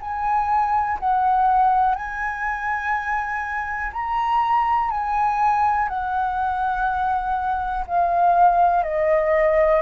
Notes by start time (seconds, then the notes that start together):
0.00 G#5
0.99 F#5
1.95 G#5
3.93 A#5
4.90 G#5
5.89 F#5
7.87 F5
8.83 D#5